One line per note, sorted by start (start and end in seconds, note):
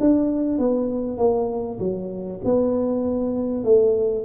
0.00 0.58 D4
0.58 1.18 B3
1.18 1.79 A#3
1.79 2.40 F#3
2.44 3.64 B3
3.64 4.25 A3